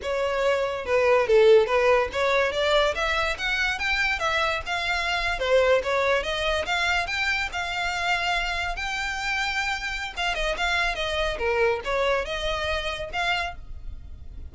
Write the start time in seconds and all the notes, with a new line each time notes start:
0.02 C#5
0.85 B4
1.27 A4
1.66 B4
2.12 C#5
2.52 D5
2.94 E5
3.38 F#5
3.79 G5
4.19 E5
4.66 F5
5.39 C5
5.83 C#5
6.23 D#5
6.65 F5
7.06 G5
7.52 F5
8.76 G5
10.16 F5
10.35 D#5
10.57 F5
10.95 D#5
11.38 A#4
11.84 C#5
12.25 D#5
13.12 F5